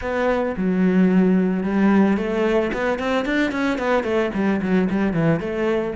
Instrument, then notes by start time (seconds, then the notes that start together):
cello
0.01 B3
0.56 F#3
1.63 G3
2.17 A3
2.73 B3
2.99 C4
3.25 D4
3.51 C#4
3.78 B3
4.03 A3
4.34 G3
4.61 F#3
4.90 G3
5.13 E3
5.40 A3